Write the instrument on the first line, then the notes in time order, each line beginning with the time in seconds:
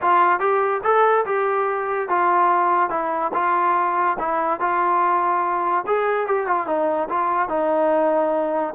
trombone
0.01 F4
0.39 G4
0.83 A4
1.25 G4
2.09 F4
2.90 E4
3.33 F4
4.19 E4
4.59 F4
5.87 G#4
6.26 G4
6.46 F4
6.66 D#4
7.09 F4
7.48 D#4